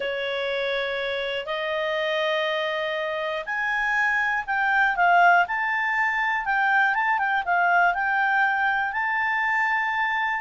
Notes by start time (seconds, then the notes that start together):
0.00 C#5
1.45 D#5
3.45 G#5
4.46 G5
4.95 F5
5.47 A5
6.45 G5
6.94 A5
7.18 G5
7.45 F5
7.94 G5
8.92 A5